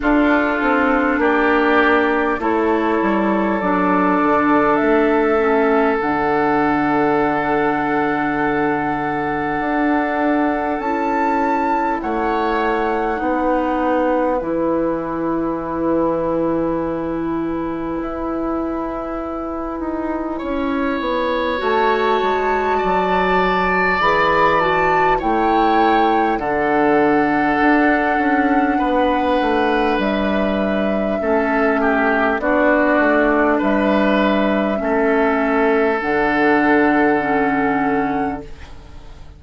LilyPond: <<
  \new Staff \with { instrumentName = "flute" } { \time 4/4 \tempo 4 = 50 a'4 d''4 cis''4 d''4 | e''4 fis''2.~ | fis''4 a''4 fis''2 | gis''1~ |
gis''2 a''2 | b''8 a''8 g''4 fis''2~ | fis''4 e''2 d''4 | e''2 fis''2 | }
  \new Staff \with { instrumentName = "oboe" } { \time 4/4 f'4 g'4 a'2~ | a'1~ | a'2 cis''4 b'4~ | b'1~ |
b'4 cis''2 d''4~ | d''4 cis''4 a'2 | b'2 a'8 g'8 fis'4 | b'4 a'2. | }
  \new Staff \with { instrumentName = "clarinet" } { \time 4/4 d'2 e'4 d'4~ | d'8 cis'8 d'2.~ | d'4 e'2 dis'4 | e'1~ |
e'2 fis'2 | gis'8 fis'8 e'4 d'2~ | d'2 cis'4 d'4~ | d'4 cis'4 d'4 cis'4 | }
  \new Staff \with { instrumentName = "bassoon" } { \time 4/4 d'8 c'8 ais4 a8 g8 fis8 d8 | a4 d2. | d'4 cis'4 a4 b4 | e2. e'4~ |
e'8 dis'8 cis'8 b8 a8 gis8 fis4 | e4 a4 d4 d'8 cis'8 | b8 a8 g4 a4 b8 a8 | g4 a4 d2 | }
>>